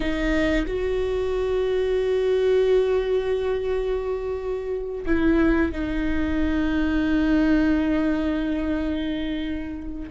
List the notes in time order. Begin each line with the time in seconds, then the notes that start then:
0.00 D#4
0.66 F#4
5.06 E4
5.72 D#4